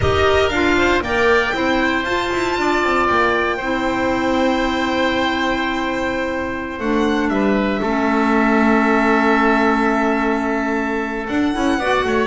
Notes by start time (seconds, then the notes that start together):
0.00 D#4 G4 A#4 D#5
0.49 D4 F4 F5
0.77 C5
1.00 A#3 A#4 D5 G5
1.53 C4 E4 C5
2.03 F4 A5
2.32 E4
2.57 D4 D5
2.83 C4
3.07 A#3 G5
3.56 C4 E4 C5
6.78 A3 D4 F#5
7.28 G3 B4 E5
7.81 A3 C#4 A4
11.27 D4 F#5
11.53 C#4 E4
11.77 B3 F#4 D5
12.04 A3 C#5